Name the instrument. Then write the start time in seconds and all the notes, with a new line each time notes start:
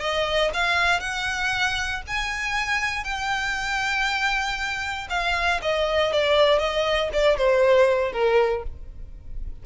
violin
0.00 D#5
0.54 F5
1.00 F#5
2.07 G#5
3.04 G5
5.10 F5
5.62 D#5
6.12 D5
6.59 D#5
7.13 D5
7.37 C5
8.12 A#4